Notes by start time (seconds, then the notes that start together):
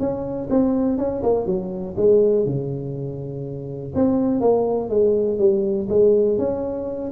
0.00 C#4
0.50 C4
0.98 C#4
1.23 A#3
1.46 F#3
1.97 G#3
2.46 C#3
3.95 C4
4.41 A#3
4.90 G#3
5.39 G3
5.89 G#3
6.38 C#4